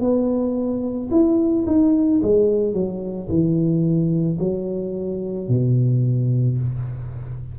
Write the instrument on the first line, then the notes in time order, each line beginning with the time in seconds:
tuba
0.00 B3
1.11 E4
1.66 D#4
2.22 G#3
2.73 F#3
3.28 E3
4.39 F#3
5.48 B2